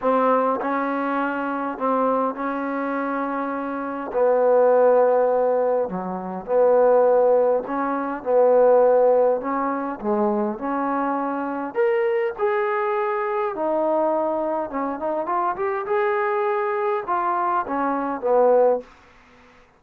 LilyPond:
\new Staff \with { instrumentName = "trombone" } { \time 4/4 \tempo 4 = 102 c'4 cis'2 c'4 | cis'2. b4~ | b2 fis4 b4~ | b4 cis'4 b2 |
cis'4 gis4 cis'2 | ais'4 gis'2 dis'4~ | dis'4 cis'8 dis'8 f'8 g'8 gis'4~ | gis'4 f'4 cis'4 b4 | }